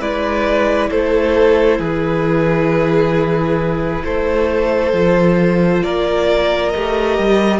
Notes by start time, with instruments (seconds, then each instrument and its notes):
0.00 cello G#3, viola E4, violin B4 D5
0.90 cello A3, violin A4 C5
1.78 cello E3, violin G#4 B4
4.04 cello A3, violin A4 C5
4.93 cello F3, viola F4
5.83 cello A#3, violin A#4 D5
6.70 cello A3, viola G4, violin D#5
7.18 cello G3